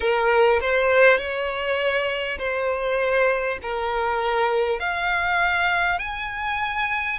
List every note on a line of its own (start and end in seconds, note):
0.00 0.60 A#4
0.61 1.18 C5
1.18 2.38 C#5
2.38 3.58 C5
3.62 4.79 A#4
4.79 5.98 F5
5.98 7.18 G#5